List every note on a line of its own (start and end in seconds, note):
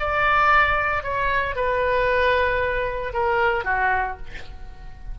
0.00 1.04 D5
1.04 1.56 C#5
1.56 3.14 B4
3.14 3.65 A#4
3.65 4.17 F#4